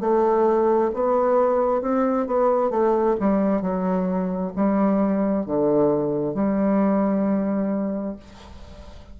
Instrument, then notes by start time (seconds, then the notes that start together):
bassoon
0.00 A3
0.93 B3
1.81 C4
2.26 B3
2.70 A3
3.19 G3
3.61 F#3
4.55 G3
5.45 D3
6.34 G3